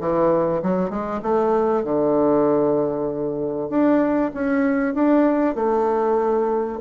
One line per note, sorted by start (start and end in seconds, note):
0.00 0.62 E3
0.62 0.90 F#3
0.90 1.21 G#3
1.22 1.84 A3
1.84 3.69 D3
3.69 4.31 D4
4.34 4.95 C#4
4.95 5.55 D4
5.55 6.79 A3